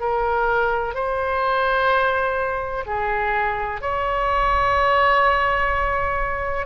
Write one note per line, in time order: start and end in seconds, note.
0.00 0.94 A#4
0.94 2.85 C5
2.86 3.81 G#4
3.81 6.66 C#5